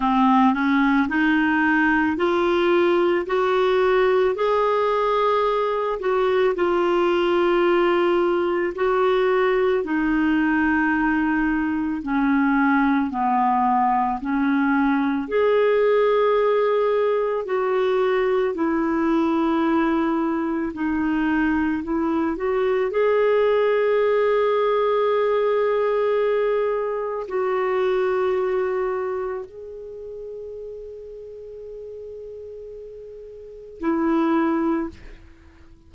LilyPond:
\new Staff \with { instrumentName = "clarinet" } { \time 4/4 \tempo 4 = 55 c'8 cis'8 dis'4 f'4 fis'4 | gis'4. fis'8 f'2 | fis'4 dis'2 cis'4 | b4 cis'4 gis'2 |
fis'4 e'2 dis'4 | e'8 fis'8 gis'2.~ | gis'4 fis'2 gis'4~ | gis'2. e'4 | }